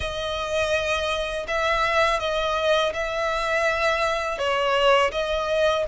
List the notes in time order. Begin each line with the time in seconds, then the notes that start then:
0.00 D#5
1.47 E5
2.19 D#5
2.93 E5
4.38 C#5
5.11 D#5